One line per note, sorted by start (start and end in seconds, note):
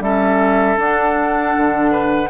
0.00 0.77 G3
0.00 0.77 C#4
0.00 1.92 A4
0.00 0.79 E5
0.77 2.30 D4
0.77 1.55 D4
0.77 2.30 F#5
1.57 2.30 D3
1.92 2.30 B4